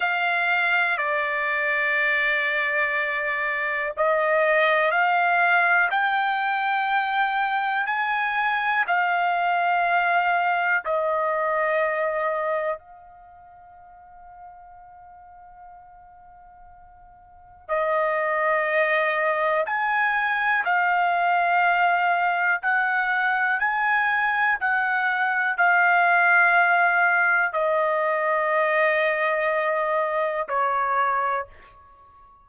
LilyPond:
\new Staff \with { instrumentName = "trumpet" } { \time 4/4 \tempo 4 = 61 f''4 d''2. | dis''4 f''4 g''2 | gis''4 f''2 dis''4~ | dis''4 f''2.~ |
f''2 dis''2 | gis''4 f''2 fis''4 | gis''4 fis''4 f''2 | dis''2. cis''4 | }